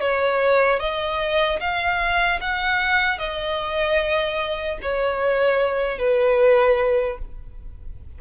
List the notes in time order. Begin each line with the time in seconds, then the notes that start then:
0.00 C#5
0.79 D#5
1.60 F5
2.40 F#5
3.18 D#5
4.81 C#5
5.98 B4